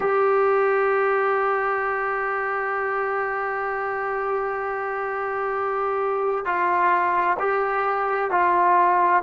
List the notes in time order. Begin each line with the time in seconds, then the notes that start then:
0.00 G4
6.44 F4
7.38 G4
8.31 F4